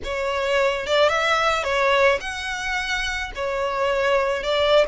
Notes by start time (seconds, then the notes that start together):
0.04 C#5
0.86 D5
1.08 E5
1.63 C#5
2.20 F#5
3.35 C#5
4.43 D5